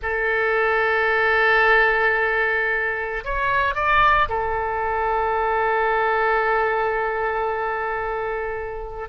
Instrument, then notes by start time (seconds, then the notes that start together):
oboe
0.02 A4
3.24 C#5
3.75 D5
4.29 A4